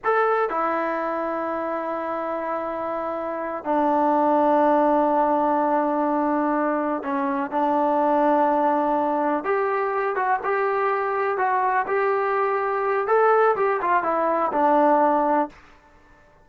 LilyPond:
\new Staff \with { instrumentName = "trombone" } { \time 4/4 \tempo 4 = 124 a'4 e'2.~ | e'2.~ e'8 d'8~ | d'1~ | d'2~ d'8 cis'4 d'8~ |
d'2.~ d'8 g'8~ | g'4 fis'8 g'2 fis'8~ | fis'8 g'2~ g'8 a'4 | g'8 f'8 e'4 d'2 | }